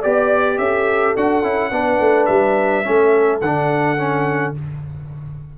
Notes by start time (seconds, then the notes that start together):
0.00 B3 G4 D5
0.59 C#4 A4 E5
1.17 D4 F#4 F#5
1.43 C#4 E4
1.71 B3 D4 B4
2.00 A3
2.26 G3 E5
2.84 A3 C#4 A4
3.41 D3 D4 F#5
3.98 C#4